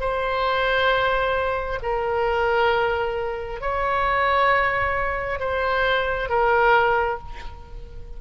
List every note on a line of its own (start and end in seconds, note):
0.00 1.79 C5
1.82 3.61 A#4
3.61 5.40 C#5
5.40 6.29 C5
6.29 7.18 A#4